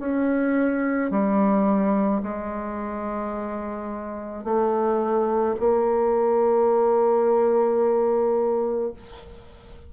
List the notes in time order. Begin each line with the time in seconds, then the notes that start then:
0.00 C#4
1.11 G3
2.23 G#3
4.44 A3
5.60 A#3